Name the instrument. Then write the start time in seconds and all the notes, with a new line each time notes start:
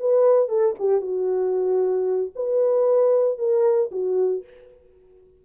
horn
0.00 B4
0.49 A4
0.79 G4
1.01 F#4
2.35 B4
3.38 A#4
3.92 F#4